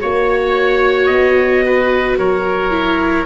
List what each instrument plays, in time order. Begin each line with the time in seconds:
0.00 tuba A#3, viola F#4, trumpet C#5, oboe C#5
1.05 tuba B3, trumpet D#5
1.65 oboe B4
2.17 tuba F#3, oboe A#4, trumpet C#5
2.70 viola E4